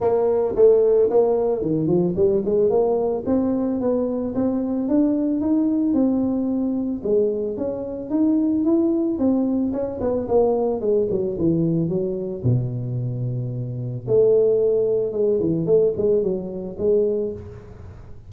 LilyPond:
\new Staff \with { instrumentName = "tuba" } { \time 4/4 \tempo 4 = 111 ais4 a4 ais4 dis8 f8 | g8 gis8 ais4 c'4 b4 | c'4 d'4 dis'4 c'4~ | c'4 gis4 cis'4 dis'4 |
e'4 c'4 cis'8 b8 ais4 | gis8 fis8 e4 fis4 b,4~ | b,2 a2 | gis8 e8 a8 gis8 fis4 gis4 | }